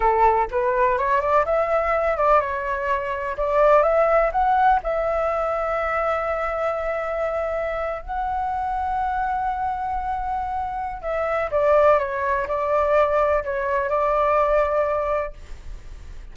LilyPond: \new Staff \with { instrumentName = "flute" } { \time 4/4 \tempo 4 = 125 a'4 b'4 cis''8 d''8 e''4~ | e''8 d''8 cis''2 d''4 | e''4 fis''4 e''2~ | e''1~ |
e''8. fis''2.~ fis''16~ | fis''2. e''4 | d''4 cis''4 d''2 | cis''4 d''2. | }